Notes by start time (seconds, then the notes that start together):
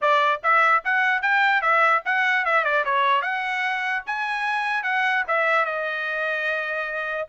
0.01 D5
0.43 E5
0.84 F#5
1.21 G5
1.61 E5
2.05 F#5
2.45 E5
2.64 D5
2.84 C#5
3.22 F#5
4.06 G#5
4.83 F#5
5.27 E5
5.65 D#5